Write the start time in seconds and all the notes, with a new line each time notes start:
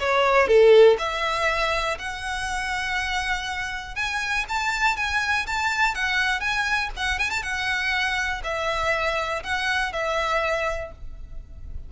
0.00 C#5
0.48 A4
0.99 E5
1.99 F#5
3.96 G#5
4.49 A5
4.97 G#5
5.47 A5
5.95 F#5
6.41 G#5
6.97 F#5
7.19 G#5
7.30 A5
7.43 F#5
8.44 E5
9.44 F#5
9.93 E5